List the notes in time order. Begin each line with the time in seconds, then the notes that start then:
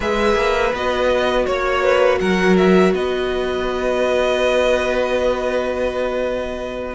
0.00 G#3 G#4 B4 E5
0.35 A#3
0.73 B3 F#4 D#5
1.45 A#3 C#5
1.82 B4
2.20 F#3 A#4 F#5
2.57 E5
2.93 B3 B4 D#5